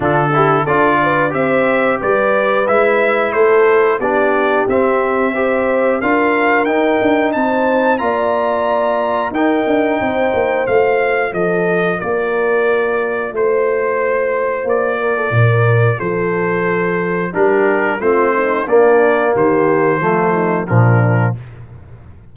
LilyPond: <<
  \new Staff \with { instrumentName = "trumpet" } { \time 4/4 \tempo 4 = 90 a'4 d''4 e''4 d''4 | e''4 c''4 d''4 e''4~ | e''4 f''4 g''4 a''4 | ais''2 g''2 |
f''4 dis''4 d''2 | c''2 d''2 | c''2 ais'4 c''4 | d''4 c''2 ais'4 | }
  \new Staff \with { instrumentName = "horn" } { \time 4/4 f'8 g'8 a'8 b'8 c''4 b'4~ | b'4 a'4 g'2 | c''4 ais'2 c''4 | d''2 ais'4 c''4~ |
c''4 a'4 ais'2 | c''2~ c''8 ais'16 a'16 ais'4 | a'2 g'4 f'8 dis'8 | d'4 g'4 f'8 dis'8 d'4 | }
  \new Staff \with { instrumentName = "trombone" } { \time 4/4 d'8 e'8 f'4 g'2 | e'2 d'4 c'4 | g'4 f'4 dis'2 | f'2 dis'2 |
f'1~ | f'1~ | f'2 d'4 c'4 | ais2 a4 f4 | }
  \new Staff \with { instrumentName = "tuba" } { \time 4/4 d4 d'4 c'4 g4 | gis4 a4 b4 c'4~ | c'4 d'4 dis'8 d'8 c'4 | ais2 dis'8 d'8 c'8 ais8 |
a4 f4 ais2 | a2 ais4 ais,4 | f2 g4 a4 | ais4 dis4 f4 ais,4 | }
>>